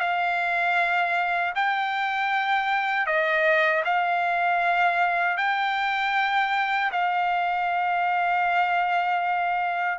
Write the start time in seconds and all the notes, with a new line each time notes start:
0.00 F5
1.55 G5
3.06 D#5
3.85 F5
5.37 G5
6.92 F5